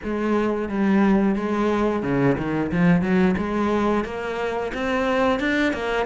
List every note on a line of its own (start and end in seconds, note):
0.03 0.68 G#3
0.68 1.35 G3
1.35 2.02 G#3
2.02 2.36 C#3
2.37 2.71 D#3
2.72 3.01 F3
3.01 3.35 F#3
3.37 4.04 G#3
4.04 4.72 A#3
4.73 5.39 C4
5.39 5.73 D4
5.73 6.06 A#3